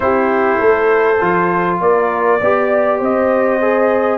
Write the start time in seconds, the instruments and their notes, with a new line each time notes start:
0.00 tuba C4, trombone E4, horn G4, trumpet C5
0.60 tuba A3, horn A4
1.20 tuba F3, trombone F4
1.80 tuba A#3, horn A#4, trumpet D5
2.41 tuba B3, trombone G4, horn D5
2.98 tuba C4, horn C5, trumpet D#5
3.61 trombone G#4